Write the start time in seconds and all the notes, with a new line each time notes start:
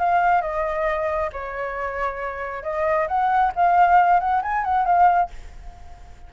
0.00 F5
0.42 D#5
1.33 C#5
2.63 D#5
3.08 F#5
3.56 F5
4.20 F#5
4.43 G#5
4.65 F#5
4.86 F5